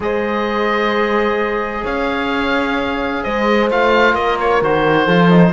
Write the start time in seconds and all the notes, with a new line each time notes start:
0.00 G#3 G#4 C5 D#5
1.83 C#4 C#5 F5
3.23 G#3 C5 D#5
3.70 A3 F4 F5
4.14 A#3 A#4 D#5
4.40 C#5
4.61 D#3 F#4 C5
5.04 F3 F4 A4
5.30 D#4